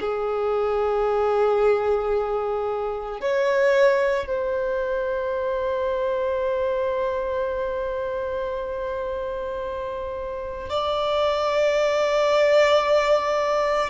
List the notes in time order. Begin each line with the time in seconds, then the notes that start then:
0.00 G#4
3.20 C#5
4.27 C5
10.69 D5